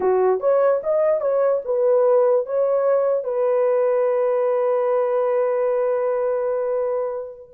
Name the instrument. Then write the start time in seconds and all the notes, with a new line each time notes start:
horn
0.00 F#4
0.40 C#5
0.83 D#5
1.20 C#5
1.64 B4
2.46 C#5
3.24 B4